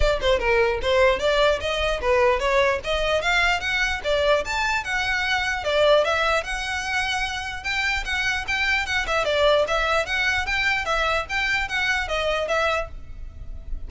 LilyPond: \new Staff \with { instrumentName = "violin" } { \time 4/4 \tempo 4 = 149 d''8 c''8 ais'4 c''4 d''4 | dis''4 b'4 cis''4 dis''4 | f''4 fis''4 d''4 a''4 | fis''2 d''4 e''4 |
fis''2. g''4 | fis''4 g''4 fis''8 e''8 d''4 | e''4 fis''4 g''4 e''4 | g''4 fis''4 dis''4 e''4 | }